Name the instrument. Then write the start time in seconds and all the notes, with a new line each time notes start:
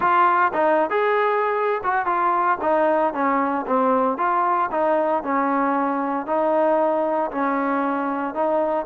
trombone
0.00 F4
0.53 D#4
0.89 G#4
1.83 F#4
2.06 F4
2.61 D#4
3.13 C#4
3.66 C4
4.17 F4
4.71 D#4
5.23 C#4
6.26 D#4
7.31 C#4
8.34 D#4